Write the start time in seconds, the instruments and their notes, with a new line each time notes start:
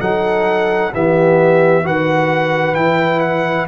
0.00 tuba F#3, trombone D#4, horn A4, trumpet F#5
0.94 tuba E3, trombone B3, horn G4, trumpet E5
1.84 tuba D#3, trombone F#4, horn B4, trumpet F#5
2.75 tuba E3, trombone E4, trumpet G5
3.20 trumpet F#5